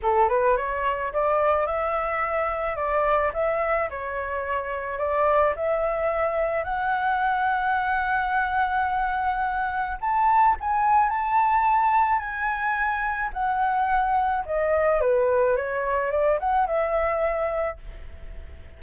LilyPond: \new Staff \with { instrumentName = "flute" } { \time 4/4 \tempo 4 = 108 a'8 b'8 cis''4 d''4 e''4~ | e''4 d''4 e''4 cis''4~ | cis''4 d''4 e''2 | fis''1~ |
fis''2 a''4 gis''4 | a''2 gis''2 | fis''2 dis''4 b'4 | cis''4 d''8 fis''8 e''2 | }